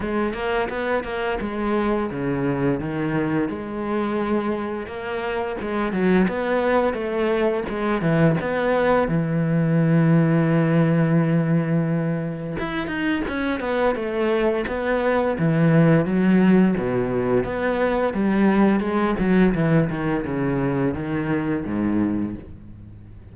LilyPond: \new Staff \with { instrumentName = "cello" } { \time 4/4 \tempo 4 = 86 gis8 ais8 b8 ais8 gis4 cis4 | dis4 gis2 ais4 | gis8 fis8 b4 a4 gis8 e8 | b4 e2.~ |
e2 e'8 dis'8 cis'8 b8 | a4 b4 e4 fis4 | b,4 b4 g4 gis8 fis8 | e8 dis8 cis4 dis4 gis,4 | }